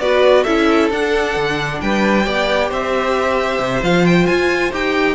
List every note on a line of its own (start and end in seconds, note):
0.00 0.45 B3
0.00 0.46 F#4
0.00 0.44 B4
0.00 0.44 D5
0.44 0.91 C#4
0.44 0.91 E4
0.44 1.78 A4
0.44 0.89 E5
0.91 1.36 D4
0.91 2.24 D4
0.91 1.81 F#5
1.36 1.81 D3
1.81 2.27 G3
1.81 2.26 B4
1.81 2.71 G5
2.24 2.71 B3
2.24 3.81 G4
2.24 2.69 D5
2.69 3.59 C4
2.69 5.15 C5
2.69 3.84 E5
3.59 3.82 C3
3.82 4.28 F3
3.82 4.72 F4
3.82 4.06 F5
4.06 4.26 G5
4.26 4.72 F4
4.26 4.71 G#5
4.72 5.15 D#4
4.72 5.15 G4
4.72 5.15 G5